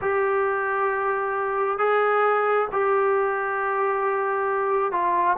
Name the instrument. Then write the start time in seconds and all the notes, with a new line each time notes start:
trombone
0.01 G4
1.78 G#4
2.72 G4
4.92 F4